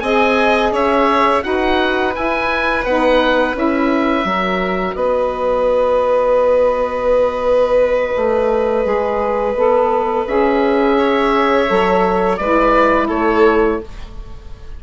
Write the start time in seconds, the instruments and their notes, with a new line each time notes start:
0.00 bassoon C4, saxophone G#4, violin D#5, oboe G#5
0.72 bassoon C#4, violin C#5, oboe E5
1.42 bassoon D#4, saxophone F#4, violin B4, oboe F#5
2.14 saxophone E4, bassoon E4, oboe G#5
2.85 bassoon B3, saxophone D#4, oboe F#5
3.55 bassoon C#4, saxophone E4, oboe E5
4.25 bassoon F#3, saxophone F#4, violin A#4
4.95 bassoon B3, violin B4, oboe D#5
8.16 bassoon A3
8.84 bassoon G#3, saxophone G#4
9.55 bassoon B3, saxophone A4
10.27 bassoon C#4, saxophone G#4, oboe E5
10.98 violin C#5
11.67 bassoon F#3, saxophone A4
12.37 bassoon G#3, saxophone E4, violin B4, oboe D5
13.07 bassoon A3, violin A4, oboe C#5